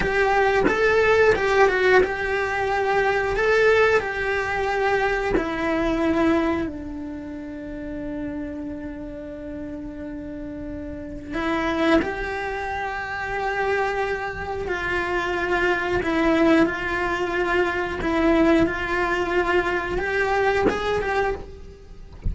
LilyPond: \new Staff \with { instrumentName = "cello" } { \time 4/4 \tempo 4 = 90 g'4 a'4 g'8 fis'8 g'4~ | g'4 a'4 g'2 | e'2 d'2~ | d'1~ |
d'4 e'4 g'2~ | g'2 f'2 | e'4 f'2 e'4 | f'2 g'4 gis'8 g'8 | }